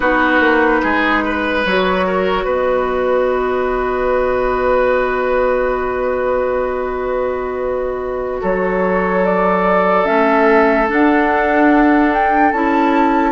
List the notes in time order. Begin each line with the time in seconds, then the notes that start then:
0.00 B3 D#4 F#4 B4
0.40 A#3
0.82 G#3 G#4
1.24 B4
1.65 F#3 F#4 C#5
2.06 A#4
2.44 B3 B4 D#5
8.41 F#3 A4 C#5
9.25 D5
10.04 A3 C#4 E5
10.87 D4 F#5
12.13 G5
12.52 C#4 E4 A5